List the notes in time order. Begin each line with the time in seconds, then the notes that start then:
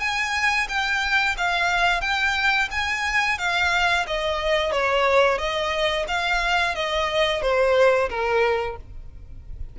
0.00 G#5
0.69 G5
1.37 F5
2.01 G5
2.71 G#5
3.38 F5
4.07 D#5
4.72 C#5
5.38 D#5
6.08 F5
6.75 D#5
7.42 C5
8.09 A#4